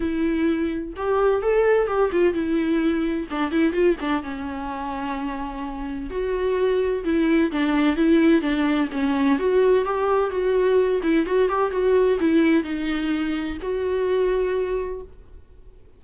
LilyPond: \new Staff \with { instrumentName = "viola" } { \time 4/4 \tempo 4 = 128 e'2 g'4 a'4 | g'8 f'8 e'2 d'8 e'8 | f'8 d'8 cis'2.~ | cis'4 fis'2 e'4 |
d'4 e'4 d'4 cis'4 | fis'4 g'4 fis'4. e'8 | fis'8 g'8 fis'4 e'4 dis'4~ | dis'4 fis'2. | }